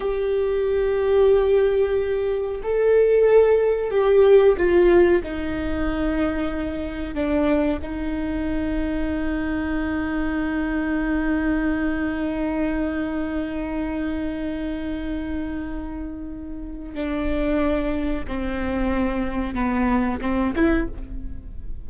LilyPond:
\new Staff \with { instrumentName = "viola" } { \time 4/4 \tempo 4 = 92 g'1 | a'2 g'4 f'4 | dis'2. d'4 | dis'1~ |
dis'1~ | dis'1~ | dis'2 d'2 | c'2 b4 c'8 e'8 | }